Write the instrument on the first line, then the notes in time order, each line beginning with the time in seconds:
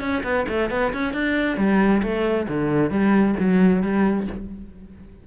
cello
0.00 C#4
0.23 B3
0.48 A3
0.70 B3
0.93 C#4
1.13 D4
1.57 G3
2.02 A3
2.48 D3
2.90 G3
3.39 F#3
3.82 G3